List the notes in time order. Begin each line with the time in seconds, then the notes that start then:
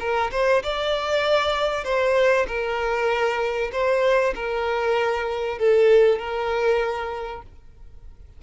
0.00 A#4
0.32 C5
0.63 D5
1.85 C5
2.48 A#4
3.72 C5
4.36 A#4
5.59 A4
6.19 A#4